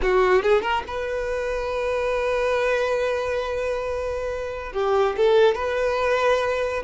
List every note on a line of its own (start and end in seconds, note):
0.02 0.42 F#4
0.42 0.62 G#4
0.62 0.83 A#4
0.87 4.72 B4
4.73 5.15 G4
5.16 5.54 A4
5.54 6.83 B4